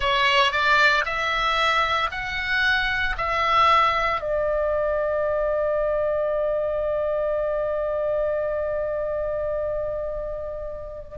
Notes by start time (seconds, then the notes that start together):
0.00 C#5
0.52 D5
1.05 E5
2.11 F#5
3.17 E5
4.20 D5